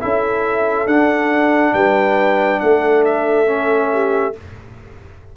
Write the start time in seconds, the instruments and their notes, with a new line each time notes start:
0.00 tuba C#4, trombone E4, horn A4, trumpet E5
0.86 tuba D4, trombone D4, trumpet F#5
1.73 tuba G3, horn B4, trumpet G5
2.60 tuba A3, horn A4, trumpet F#5
3.05 trumpet E5
3.46 trombone C#4
3.92 horn G4